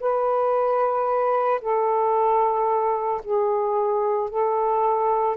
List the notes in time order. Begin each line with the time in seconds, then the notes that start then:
0.00 B4
1.61 A4
3.24 G#4
4.30 A4